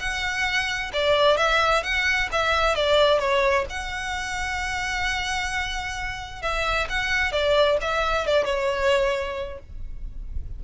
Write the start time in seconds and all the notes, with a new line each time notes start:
0.00 F#5
0.93 D5
1.38 E5
1.84 F#5
2.32 E5
2.75 D5
3.20 C#5
3.70 F#5
6.42 E5
6.90 F#5
7.32 D5
7.82 E5
8.27 D5
8.45 C#5